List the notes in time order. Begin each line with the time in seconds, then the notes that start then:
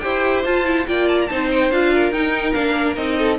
0.00 E4 G4 C5 G5
0.45 F4 A5
0.65 E4
0.87 A#3 F4 D5 G5
1.08 A5
1.20 A#5
1.27 C4 D#4 C5 A5
1.51 G5
1.71 D4 F4 F5
1.93 A#4
2.11 D#4 G5
2.53 A#3 D4 F5
2.96 C4 D#4 D#5
3.18 A4